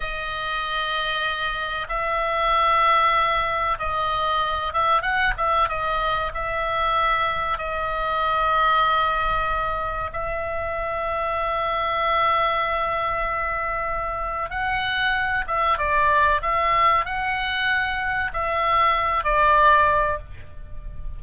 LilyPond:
\new Staff \with { instrumentName = "oboe" } { \time 4/4 \tempo 4 = 95 dis''2. e''4~ | e''2 dis''4. e''8 | fis''8 e''8 dis''4 e''2 | dis''1 |
e''1~ | e''2. fis''4~ | fis''8 e''8 d''4 e''4 fis''4~ | fis''4 e''4. d''4. | }